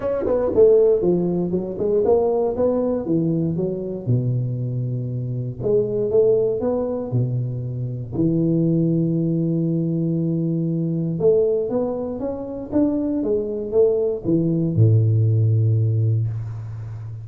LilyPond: \new Staff \with { instrumentName = "tuba" } { \time 4/4 \tempo 4 = 118 cis'8 b8 a4 f4 fis8 gis8 | ais4 b4 e4 fis4 | b,2. gis4 | a4 b4 b,2 |
e1~ | e2 a4 b4 | cis'4 d'4 gis4 a4 | e4 a,2. | }